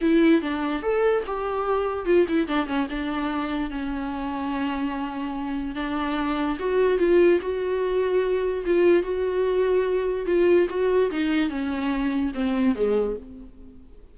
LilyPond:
\new Staff \with { instrumentName = "viola" } { \time 4/4 \tempo 4 = 146 e'4 d'4 a'4 g'4~ | g'4 f'8 e'8 d'8 cis'8 d'4~ | d'4 cis'2.~ | cis'2 d'2 |
fis'4 f'4 fis'2~ | fis'4 f'4 fis'2~ | fis'4 f'4 fis'4 dis'4 | cis'2 c'4 gis4 | }